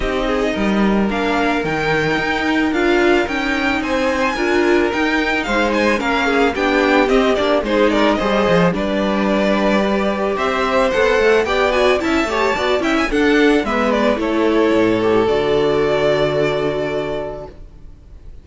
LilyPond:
<<
  \new Staff \with { instrumentName = "violin" } { \time 4/4 \tempo 4 = 110 dis''2 f''4 g''4~ | g''4 f''4 g''4 gis''4~ | gis''4 g''4 f''8 gis''8 f''4 | g''4 dis''8 d''8 c''8 d''8 dis''4 |
d''2. e''4 | fis''4 g''8 gis''8 a''4. g''16 gis''16 | fis''4 e''8 d''8 cis''2 | d''1 | }
  \new Staff \with { instrumentName = "violin" } { \time 4/4 g'8 gis'8 ais'2.~ | ais'2. c''4 | ais'2 c''4 ais'8 gis'8 | g'2 gis'8 ais'8 c''4 |
b'2. c''4~ | c''4 d''4 e''8 cis''8 d''8 e''8 | a'4 b'4 a'2~ | a'1 | }
  \new Staff \with { instrumentName = "viola" } { \time 4/4 dis'2 d'4 dis'4~ | dis'4 f'4 dis'2 | f'4 dis'2 cis'4 | d'4 c'8 d'8 dis'4 gis'4 |
d'2 g'2 | a'4 g'8 fis'8 e'8 g'8 fis'8 e'8 | d'4 b4 e'4. g'8 | fis'1 | }
  \new Staff \with { instrumentName = "cello" } { \time 4/4 c'4 g4 ais4 dis4 | dis'4 d'4 cis'4 c'4 | d'4 dis'4 gis4 ais4 | b4 c'8 ais8 gis4 g8 f8 |
g2. c'4 | b8 a8 b4 cis'8 a8 b8 cis'8 | d'4 gis4 a4 a,4 | d1 | }
>>